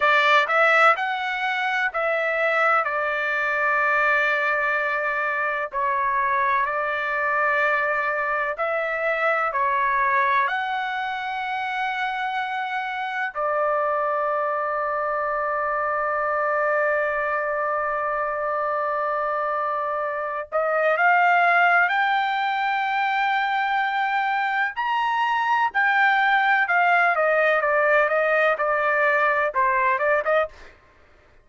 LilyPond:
\new Staff \with { instrumentName = "trumpet" } { \time 4/4 \tempo 4 = 63 d''8 e''8 fis''4 e''4 d''4~ | d''2 cis''4 d''4~ | d''4 e''4 cis''4 fis''4~ | fis''2 d''2~ |
d''1~ | d''4. dis''8 f''4 g''4~ | g''2 ais''4 g''4 | f''8 dis''8 d''8 dis''8 d''4 c''8 d''16 dis''16 | }